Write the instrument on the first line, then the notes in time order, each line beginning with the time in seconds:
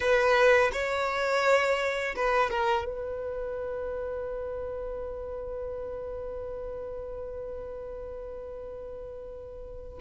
violin
0.00 B4
0.72 C#5
2.15 B4
2.50 A#4
2.85 B4